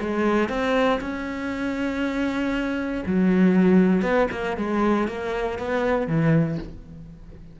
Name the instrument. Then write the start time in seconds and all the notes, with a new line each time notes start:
cello
0.00 G#3
0.49 C4
1.00 C#4
3.06 F#3
4.02 B3
4.31 A#3
4.57 G#3
5.08 A#3
5.58 B3
6.07 E3